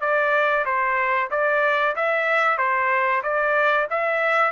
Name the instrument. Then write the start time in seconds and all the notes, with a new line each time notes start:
trumpet
0.00 D5
0.65 C5
1.30 D5
1.96 E5
2.57 C5
3.23 D5
3.90 E5